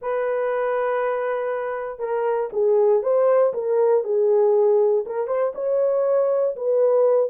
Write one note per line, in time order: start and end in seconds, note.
0.01 1.99 B4
1.99 2.49 A#4
2.52 3.03 G#4
3.03 3.53 C5
3.53 4.03 A#4
4.03 5.04 G#4
5.06 5.27 A#4
5.27 5.52 C5
5.54 6.55 C#5
6.55 7.30 B4